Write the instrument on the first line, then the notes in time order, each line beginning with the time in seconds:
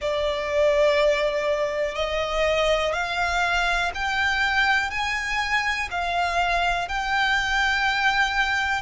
violin
0.00 D5
1.95 D#5
2.93 F5
3.94 G5
4.90 G#5
5.90 F5
6.88 G5